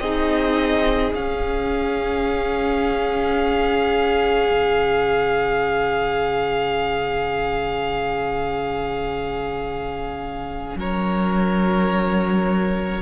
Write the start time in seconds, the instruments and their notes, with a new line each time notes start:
0.00 cello C4, viola D#4, violin G#4 D#5
1.14 cello C#4, viola C#4, violin F5
4.51 cello C#3
10.76 cello F#3, violin A#4 C#5